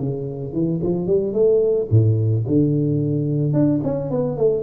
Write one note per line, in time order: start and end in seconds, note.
0.00 0.53 C#3
0.53 0.81 E3
0.83 1.07 F3
1.07 1.33 G3
1.33 1.88 A3
1.91 2.45 A2
2.48 3.54 D3
3.54 3.81 D4
3.84 4.11 C#4
4.11 4.38 B3
4.38 4.63 A3